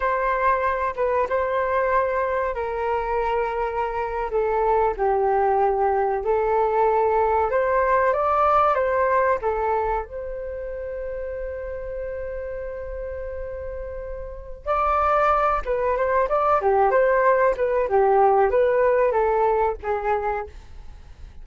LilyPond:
\new Staff \with { instrumentName = "flute" } { \time 4/4 \tempo 4 = 94 c''4. b'8 c''2 | ais'2~ ais'8. a'4 g'16~ | g'4.~ g'16 a'2 c''16~ | c''8. d''4 c''4 a'4 c''16~ |
c''1~ | c''2. d''4~ | d''8 b'8 c''8 d''8 g'8 c''4 b'8 | g'4 b'4 a'4 gis'4 | }